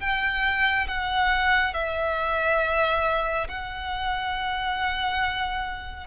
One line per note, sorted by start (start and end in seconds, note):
0.00 0.87 G5
0.87 1.74 F#5
1.74 3.47 E5
3.48 6.07 F#5